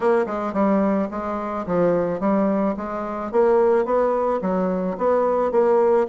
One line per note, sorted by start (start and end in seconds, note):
0.00 0.25 A#3
0.26 0.53 G#3
0.53 1.08 G3
1.10 1.65 G#3
1.66 2.20 F3
2.20 2.75 G3
2.76 3.31 G#3
3.31 3.85 A#3
3.85 4.40 B3
4.41 4.96 F#3
4.97 5.51 B3
5.51 6.07 A#3